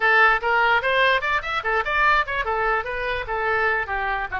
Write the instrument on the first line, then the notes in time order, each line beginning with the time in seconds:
oboe
0.00 A4
0.41 A#4
0.81 C5
1.21 D5
1.42 E5
1.63 A4
1.84 D5
2.26 C#5
2.45 A4
2.84 B4
3.27 A4
3.87 G4
4.31 F#4